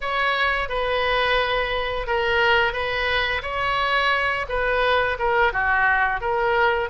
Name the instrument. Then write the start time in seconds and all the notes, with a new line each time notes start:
oboe
0.00 C#5
0.69 B4
2.07 A#4
2.72 B4
3.42 C#5
4.48 B4
5.18 A#4
5.53 F#4
6.20 A#4